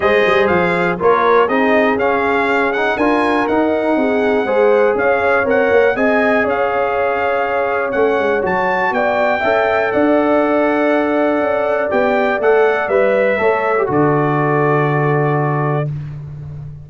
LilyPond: <<
  \new Staff \with { instrumentName = "trumpet" } { \time 4/4 \tempo 4 = 121 dis''4 f''4 cis''4 dis''4 | f''4. fis''8 gis''4 fis''4~ | fis''2 f''4 fis''4 | gis''4 f''2. |
fis''4 a''4 g''2 | fis''1 | g''4 fis''4 e''2 | d''1 | }
  \new Staff \with { instrumentName = "horn" } { \time 4/4 c''2 ais'4 gis'4~ | gis'2 ais'2 | gis'4 c''4 cis''2 | dis''4 cis''2.~ |
cis''2 d''4 e''4 | d''1~ | d''2. cis''4 | a'1 | }
  \new Staff \with { instrumentName = "trombone" } { \time 4/4 gis'2 f'4 dis'4 | cis'4. dis'8 f'4 dis'4~ | dis'4 gis'2 ais'4 | gis'1 |
cis'4 fis'2 a'4~ | a'1 | g'4 a'4 b'4 a'8. g'16 | fis'1 | }
  \new Staff \with { instrumentName = "tuba" } { \time 4/4 gis8 g8 f4 ais4 c'4 | cis'2 d'4 dis'4 | c'4 gis4 cis'4 c'8 ais8 | c'4 cis'2. |
a8 gis8 fis4 b4 cis'4 | d'2. cis'4 | b4 a4 g4 a4 | d1 | }
>>